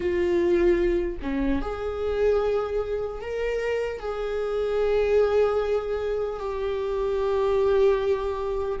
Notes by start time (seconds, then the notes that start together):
0.00 F4
1.22 C#4
1.61 G#4
3.21 A#4
3.99 G#4
6.39 G4